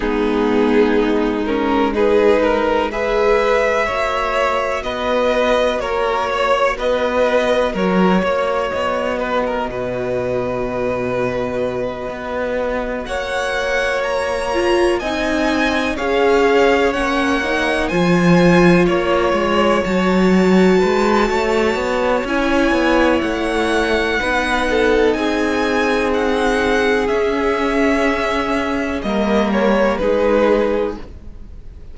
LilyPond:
<<
  \new Staff \with { instrumentName = "violin" } { \time 4/4 \tempo 4 = 62 gis'4. ais'8 b'4 e''4~ | e''4 dis''4 cis''4 dis''4 | cis''4 dis''2.~ | dis''4. fis''4 ais''4 gis''8~ |
gis''8 f''4 fis''4 gis''4 cis''8~ | cis''8 a''2~ a''8 gis''4 | fis''2 gis''4 fis''4 | e''2 dis''8 cis''8 b'4 | }
  \new Staff \with { instrumentName = "violin" } { \time 4/4 dis'2 gis'8 ais'8 b'4 | cis''4 b'4 ais'8 cis''8 b'4 | ais'8 cis''4 b'16 ais'16 b'2~ | b'4. cis''2 dis''8~ |
dis''8 cis''2 c''4 cis''8~ | cis''4. b'8 cis''2~ | cis''4 b'8 a'8 gis'2~ | gis'2 ais'4 gis'4 | }
  \new Staff \with { instrumentName = "viola" } { \time 4/4 b4. cis'8 dis'4 gis'4 | fis'1~ | fis'1~ | fis'2. f'8 dis'8~ |
dis'8 gis'4 cis'8 dis'8 f'4.~ | f'8 fis'2~ fis'8 e'4~ | e'4 dis'2. | cis'2 ais4 dis'4 | }
  \new Staff \with { instrumentName = "cello" } { \time 4/4 gis1 | ais4 b4 ais4 b4 | fis8 ais8 b4 b,2~ | b,8 b4 ais2 c'8~ |
c'8 cis'4 ais4 f4 ais8 | gis8 fis4 gis8 a8 b8 cis'8 b8 | a4 b4 c'2 | cis'2 g4 gis4 | }
>>